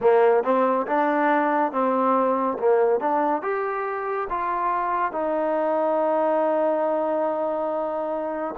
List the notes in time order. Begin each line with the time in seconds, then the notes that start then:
0.00 A#3
0.43 C4
0.86 D4
1.71 C4
2.58 A#3
3.00 D4
3.42 G4
4.29 F4
5.12 D#4